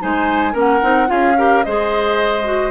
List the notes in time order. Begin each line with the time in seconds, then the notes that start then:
0.00 G#3 D#4 C5 G#5
0.53 A#3 C#4 A#4 F#5
0.82 C4 D#4
1.07 C#4 F4 G#4 F5
1.38 G4 A#4
1.64 G#3 G#4 C5 D#5
2.45 F#4